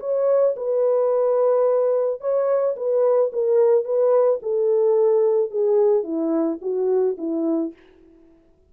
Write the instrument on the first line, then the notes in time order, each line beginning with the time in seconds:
horn
0.00 C#5
0.56 B4
2.20 C#5
2.76 B4
3.33 A#4
3.85 B4
4.42 A4
5.51 G#4
6.03 E4
6.62 F#4
7.18 E4